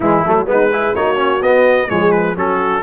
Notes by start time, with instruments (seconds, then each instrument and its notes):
0.00 tuba E3, trombone G#3, horn E4, trumpet E4
0.25 tuba F#3, trombone A3
0.46 tuba G#3, trombone B3, horn D#4, trumpet B4
0.70 trombone E4, horn G#4
0.95 tuba A#3, trombone D#4, horn F#4, trumpet C#5
1.16 trombone C#4
1.41 tuba B3, trombone B3, trumpet D#5
1.88 tuba F3, trombone G#3, horn G#4, trumpet C#5
2.11 trumpet B4
2.35 tuba F#3, trombone C#4, horn F#4, trumpet A4